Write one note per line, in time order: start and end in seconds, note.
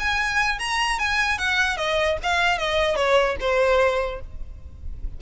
0.00 0.59 G#5
0.59 0.99 A#5
0.99 1.39 G#5
1.39 1.77 F#5
1.77 2.18 D#5
2.23 2.59 F5
2.59 2.96 D#5
2.96 3.37 C#5
3.41 4.21 C5